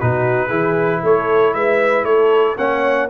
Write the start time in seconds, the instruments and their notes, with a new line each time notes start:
0.00 tuba B2, trombone D#4, horn F#4, trumpet B4
0.48 tuba E3, trombone E4, horn G#4
1.03 tuba A3, horn A4, trumpet C#5
1.54 tuba G#3, horn B4, trumpet E5
2.04 tuba A3, horn A4, trumpet C#5
2.57 tuba A#3, trombone C#4, horn C#5, trumpet F#5